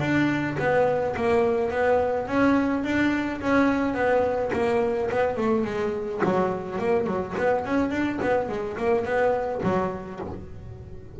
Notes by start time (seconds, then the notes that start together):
0.00 D4
0.59 B3
1.16 A#3
1.71 B3
2.28 C#4
2.84 D4
3.41 C#4
3.94 B3
4.53 A#3
5.11 B3
5.37 A3
5.65 G#3
6.24 F#3
6.79 A#3
7.07 F#3
7.38 B3
7.66 C#4
7.91 D4
8.22 B3
8.49 G#3
8.77 A#3
9.05 B3
9.63 F#3